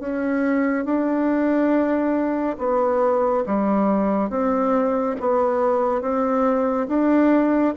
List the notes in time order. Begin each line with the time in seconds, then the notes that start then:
0.00 C#4
0.86 D4
2.59 B3
3.47 G3
4.30 C4
5.21 B3
6.02 C4
6.89 D4